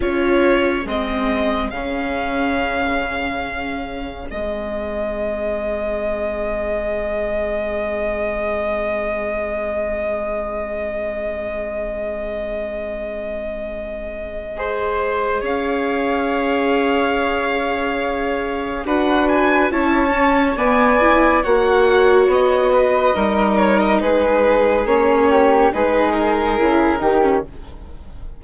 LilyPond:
<<
  \new Staff \with { instrumentName = "violin" } { \time 4/4 \tempo 4 = 70 cis''4 dis''4 f''2~ | f''4 dis''2.~ | dis''1~ | dis''1~ |
dis''2 f''2~ | f''2 fis''8 gis''8 a''4 | gis''4 fis''4 dis''4. cis''16 dis''16 | b'4 cis''4 b'8 ais'4. | }
  \new Staff \with { instrumentName = "flute" } { \time 4/4 gis'1~ | gis'1~ | gis'1~ | gis'1~ |
gis'4 c''4 cis''2~ | cis''2 b'4 cis''4 | d''4 cis''4. b'8 ais'4 | gis'4. g'8 gis'4. g'8 | }
  \new Staff \with { instrumentName = "viola" } { \time 4/4 f'4 c'4 cis'2~ | cis'4 c'2.~ | c'1~ | c'1~ |
c'4 gis'2.~ | gis'2 fis'4 e'8 cis'8 | b8 e'8 fis'2 dis'4~ | dis'4 cis'4 dis'4 e'8 dis'16 cis'16 | }
  \new Staff \with { instrumentName = "bassoon" } { \time 4/4 cis'4 gis4 cis2~ | cis4 gis2.~ | gis1~ | gis1~ |
gis2 cis'2~ | cis'2 d'4 cis'4 | b4 ais4 b4 g4 | gis4 ais4 gis4 cis8 dis8 | }
>>